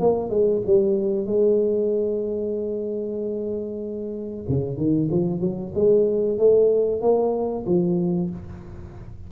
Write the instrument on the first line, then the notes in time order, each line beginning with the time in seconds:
tuba
0.00 A#3
0.30 G#3
0.66 G3
1.26 G#3
4.49 C#3
4.77 D#3
5.11 F3
5.41 F#3
5.75 G#3
6.39 A3
7.01 A#3
7.66 F3